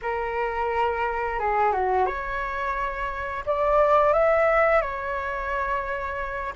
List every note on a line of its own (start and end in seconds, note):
0.02 1.39 A#4
1.39 1.72 G#4
1.72 2.06 F#4
2.06 3.44 C#5
3.46 4.13 D5
4.13 4.81 E5
4.81 6.53 C#5